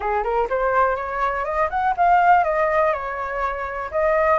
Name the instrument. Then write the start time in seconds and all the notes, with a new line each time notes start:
flute
0.00 G#4
0.23 A#4
0.49 C5
0.96 C#5
1.44 D#5
1.70 F#5
1.96 F5
2.44 D#5
2.92 C#5
3.91 D#5